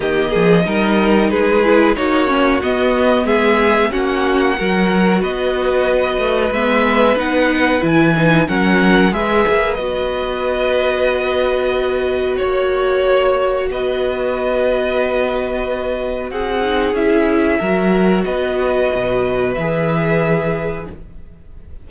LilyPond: <<
  \new Staff \with { instrumentName = "violin" } { \time 4/4 \tempo 4 = 92 dis''2 b'4 cis''4 | dis''4 e''4 fis''2 | dis''2 e''4 fis''4 | gis''4 fis''4 e''4 dis''4~ |
dis''2. cis''4~ | cis''4 dis''2.~ | dis''4 fis''4 e''2 | dis''2 e''2 | }
  \new Staff \with { instrumentName = "violin" } { \time 4/4 g'8 gis'8 ais'4 gis'4 fis'4~ | fis'4 gis'4 fis'4 ais'4 | b'1~ | b'4 ais'4 b'2~ |
b'2. cis''4~ | cis''4 b'2.~ | b'4 gis'2 ais'4 | b'1 | }
  \new Staff \with { instrumentName = "viola" } { \time 4/4 ais4 dis'4. e'8 dis'8 cis'8 | b2 cis'4 fis'4~ | fis'2 b4 dis'4 | e'8 dis'8 cis'4 gis'4 fis'4~ |
fis'1~ | fis'1~ | fis'4. dis'8 e'4 fis'4~ | fis'2 gis'2 | }
  \new Staff \with { instrumentName = "cello" } { \time 4/4 dis8 f8 g4 gis4 ais4 | b4 gis4 ais4 fis4 | b4. a8 gis4 b4 | e4 fis4 gis8 ais8 b4~ |
b2. ais4~ | ais4 b2.~ | b4 c'4 cis'4 fis4 | b4 b,4 e2 | }
>>